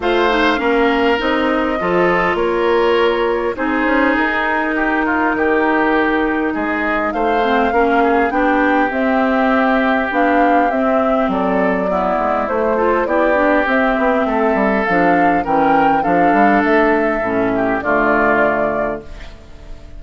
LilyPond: <<
  \new Staff \with { instrumentName = "flute" } { \time 4/4 \tempo 4 = 101 f''2 dis''2 | cis''2 c''4 ais'4~ | ais'2. dis''4 | f''2 g''4 e''4~ |
e''4 f''4 e''4 d''4~ | d''4 c''4 d''4 e''4~ | e''4 f''4 g''4 f''4 | e''2 d''2 | }
  \new Staff \with { instrumentName = "oboe" } { \time 4/4 c''4 ais'2 a'4 | ais'2 gis'2 | g'8 f'8 g'2 gis'4 | c''4 ais'8 gis'8 g'2~ |
g'2. a'4 | e'4. a'8 g'2 | a'2 ais'4 a'4~ | a'4. g'8 f'2 | }
  \new Staff \with { instrumentName = "clarinet" } { \time 4/4 f'8 dis'8 cis'4 dis'4 f'4~ | f'2 dis'2~ | dis'1~ | dis'8 c'8 cis'4 d'4 c'4~ |
c'4 d'4 c'2 | b4 a8 f'8 e'8 d'8 c'4~ | c'4 d'4 cis'4 d'4~ | d'4 cis'4 a2 | }
  \new Staff \with { instrumentName = "bassoon" } { \time 4/4 a4 ais4 c'4 f4 | ais2 c'8 cis'8 dis'4~ | dis'4 dis2 gis4 | a4 ais4 b4 c'4~ |
c'4 b4 c'4 fis4~ | fis8 gis8 a4 b4 c'8 b8 | a8 g8 f4 e4 f8 g8 | a4 a,4 d2 | }
>>